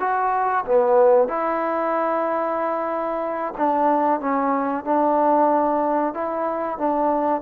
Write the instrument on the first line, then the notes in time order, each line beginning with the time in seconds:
trombone
0.00 F#4
0.65 B3
1.28 E4
3.57 D4
4.20 C#4
4.85 D4
6.14 E4
6.79 D4